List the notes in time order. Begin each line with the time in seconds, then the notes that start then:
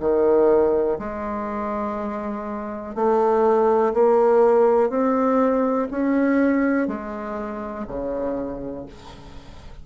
0.00 D#3
0.99 G#3
2.95 A3
3.94 A#3
4.90 C4
5.91 C#4
6.87 G#3
7.88 C#3